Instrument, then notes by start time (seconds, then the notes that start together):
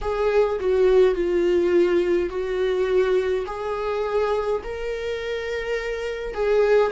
viola
0.01 G#4
0.59 F#4
1.14 F4
2.29 F#4
3.46 G#4
4.63 A#4
6.34 G#4